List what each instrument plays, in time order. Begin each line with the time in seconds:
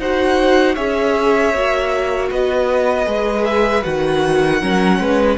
0.00 cello D#4, viola F#4, violin C5 F#5
0.76 cello C#4, viola G#4, violin C#5 E5
1.54 cello A#3, viola F#4
2.30 cello B3, violin B4 D#5
3.06 cello G#3, viola G#4
3.46 violin E5
3.84 cello D#3, viola F#4, violin F#5
4.61 cello F#3, viola C#4, violin A#4
5.00 cello G#3, violin B4